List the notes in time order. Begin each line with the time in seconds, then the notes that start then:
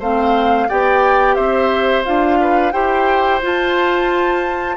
0.00 A3 C4 C5 F5
0.69 B3 G4 D5 G5
1.35 C4 C5 E5
2.05 D4 F4 F5
2.41 B4
2.72 E4 G4 C5 G5
3.42 F4 A5